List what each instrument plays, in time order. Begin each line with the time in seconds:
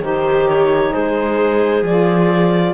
0.00 cello D#3, saxophone D#4, viola G4, clarinet C5
0.48 clarinet C#5
0.93 cello G#3, viola G#4, clarinet C5
1.82 cello F3, saxophone F4, clarinet D5